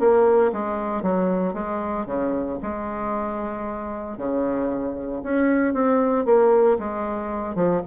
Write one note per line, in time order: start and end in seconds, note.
0.00 0.52 A#3
0.53 1.03 G#3
1.03 1.54 F#3
1.54 2.06 G#3
2.06 2.58 C#3
2.63 4.18 G#3
4.18 5.22 C#3
5.24 5.74 C#4
5.74 6.26 C4
6.26 6.78 A#3
6.79 7.56 G#3
7.56 7.82 F3